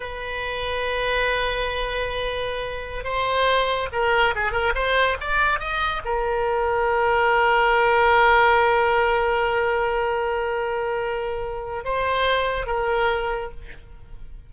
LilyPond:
\new Staff \with { instrumentName = "oboe" } { \time 4/4 \tempo 4 = 142 b'1~ | b'2.~ b'16 c''8.~ | c''4~ c''16 ais'4 gis'8 ais'8 c''8.~ | c''16 d''4 dis''4 ais'4.~ ais'16~ |
ais'1~ | ais'1~ | ais'1 | c''2 ais'2 | }